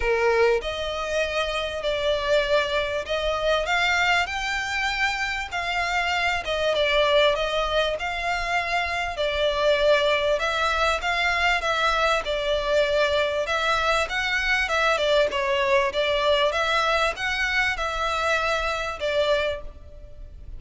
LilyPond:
\new Staff \with { instrumentName = "violin" } { \time 4/4 \tempo 4 = 98 ais'4 dis''2 d''4~ | d''4 dis''4 f''4 g''4~ | g''4 f''4. dis''8 d''4 | dis''4 f''2 d''4~ |
d''4 e''4 f''4 e''4 | d''2 e''4 fis''4 | e''8 d''8 cis''4 d''4 e''4 | fis''4 e''2 d''4 | }